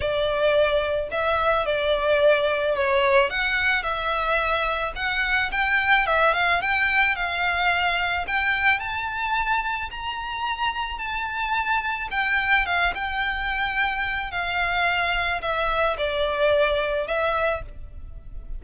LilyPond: \new Staff \with { instrumentName = "violin" } { \time 4/4 \tempo 4 = 109 d''2 e''4 d''4~ | d''4 cis''4 fis''4 e''4~ | e''4 fis''4 g''4 e''8 f''8 | g''4 f''2 g''4 |
a''2 ais''2 | a''2 g''4 f''8 g''8~ | g''2 f''2 | e''4 d''2 e''4 | }